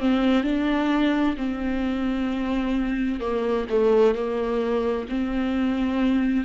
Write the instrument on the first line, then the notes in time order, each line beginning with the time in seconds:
viola
0.00 C4
0.44 D4
1.38 C4
3.21 A#3
3.70 A3
4.15 A#3
5.10 C4